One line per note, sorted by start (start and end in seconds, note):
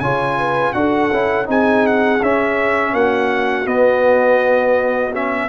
0.00 0.74 C#3
0.00 0.74 F4
0.00 0.38 C#5
0.00 0.73 G#5
0.38 0.75 B4
0.73 1.11 D4
0.73 1.11 F#4
0.73 1.49 A4
0.73 1.47 F#5
1.12 1.48 C#4
1.12 1.46 E4
1.46 2.21 C4
1.46 2.19 D#4
1.46 2.95 G#4
1.46 1.87 G#5
1.87 2.23 F#5
2.22 2.93 C#4
2.22 3.65 C#4
2.22 2.95 E5
2.93 3.66 A#3
2.93 5.49 F#4
2.93 3.67 F#5
3.65 5.12 B3
3.65 5.49 B3
3.65 5.14 D#5
5.13 5.49 C#4
5.13 5.49 E5